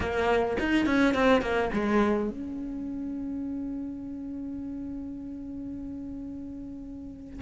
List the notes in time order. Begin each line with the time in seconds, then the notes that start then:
0.00 A#3
0.59 D#4
0.86 C#4
1.14 C4
1.41 A#3
1.73 G#3
2.30 C#4